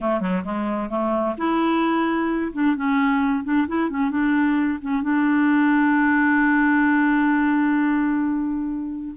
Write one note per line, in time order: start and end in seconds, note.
0.00 0.20 A3
0.20 0.43 F#3
0.44 0.89 G#3
0.89 1.35 A3
1.37 2.52 E4
2.53 2.75 D4
2.75 3.44 C#4
3.44 3.67 D4
3.67 3.90 E4
3.90 4.10 C#4
4.10 4.79 D4
4.81 5.02 C#4
5.02 9.14 D4